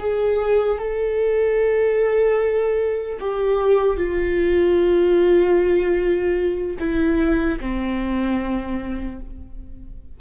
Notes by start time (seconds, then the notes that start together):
0.00 G#4
0.79 A4
3.20 G4
3.97 F4
6.80 E4
7.61 C4